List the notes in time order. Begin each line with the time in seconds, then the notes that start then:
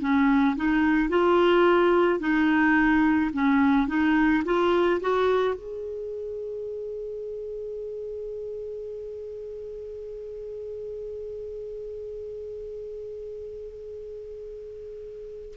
0.00 C#4
0.56 D#4
1.09 F4
2.19 D#4
3.33 C#4
3.87 D#4
4.44 F4
5.00 F#4
5.55 G#4